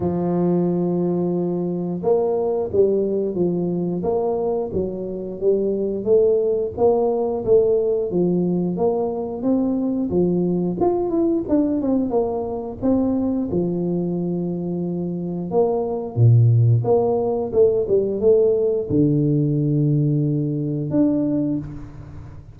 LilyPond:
\new Staff \with { instrumentName = "tuba" } { \time 4/4 \tempo 4 = 89 f2. ais4 | g4 f4 ais4 fis4 | g4 a4 ais4 a4 | f4 ais4 c'4 f4 |
f'8 e'8 d'8 c'8 ais4 c'4 | f2. ais4 | ais,4 ais4 a8 g8 a4 | d2. d'4 | }